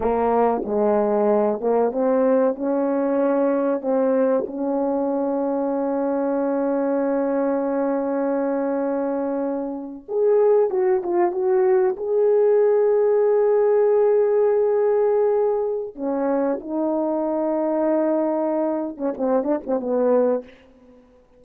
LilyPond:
\new Staff \with { instrumentName = "horn" } { \time 4/4 \tempo 4 = 94 ais4 gis4. ais8 c'4 | cis'2 c'4 cis'4~ | cis'1~ | cis'2.~ cis'8. gis'16~ |
gis'8. fis'8 f'8 fis'4 gis'4~ gis'16~ | gis'1~ | gis'4 cis'4 dis'2~ | dis'4.~ dis'16 cis'16 c'8 d'16 c'16 b4 | }